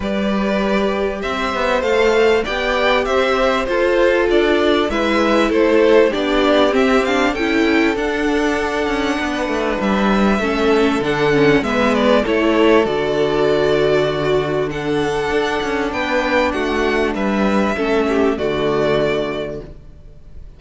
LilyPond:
<<
  \new Staff \with { instrumentName = "violin" } { \time 4/4 \tempo 4 = 98 d''2 e''4 f''4 | g''4 e''4 c''4 d''4 | e''4 c''4 d''4 e''8 f''8 | g''4 fis''2. |
e''2 fis''4 e''8 d''8 | cis''4 d''2. | fis''2 g''4 fis''4 | e''2 d''2 | }
  \new Staff \with { instrumentName = "violin" } { \time 4/4 b'2 c''2 | d''4 c''4 a'2 | b'4 a'4 g'2 | a'2. b'4~ |
b'4 a'2 b'4 | a'2. fis'4 | a'2 b'4 fis'4 | b'4 a'8 g'8 fis'2 | }
  \new Staff \with { instrumentName = "viola" } { \time 4/4 g'2. a'4 | g'2 f'2 | e'2 d'4 c'8 d'8 | e'4 d'2.~ |
d'4 cis'4 d'8 cis'8 b4 | e'4 fis'2. | d'1~ | d'4 cis'4 a2 | }
  \new Staff \with { instrumentName = "cello" } { \time 4/4 g2 c'8 b8 a4 | b4 c'4 f'4 d'4 | gis4 a4 b4 c'4 | cis'4 d'4. cis'8 b8 a8 |
g4 a4 d4 gis4 | a4 d2.~ | d4 d'8 cis'8 b4 a4 | g4 a4 d2 | }
>>